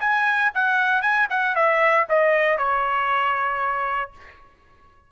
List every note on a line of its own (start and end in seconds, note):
0.00 0.51 G#5
0.54 1.01 F#5
1.01 1.27 G#5
1.29 1.55 F#5
1.55 2.06 E5
2.09 2.57 D#5
2.57 4.11 C#5